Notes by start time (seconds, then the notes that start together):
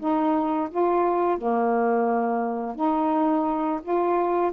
0.00 D#4
0.70 F4
1.38 A#3
2.76 D#4
3.83 F4